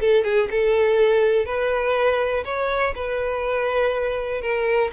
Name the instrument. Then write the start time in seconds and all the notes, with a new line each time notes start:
violin
0.00 A4
0.24 G#4
0.51 A4
1.45 B4
2.44 C#5
2.95 B4
4.41 A#4